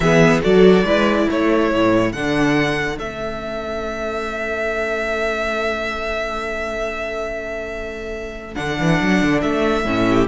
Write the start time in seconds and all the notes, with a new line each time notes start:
0.00 E3 B3 G#4 E5
0.41 F#3 F#4 A4 D5
0.83 G#3 E4 B4
1.27 A3 A4 C#5
1.74 A2
2.12 D3 D4 F#5
2.98 A3 C#4 E5
8.54 D3 D4 F#5
8.79 E3
9.01 F#3
9.21 D3
9.41 A3 E5
9.84 A2 C#4
10.10 G4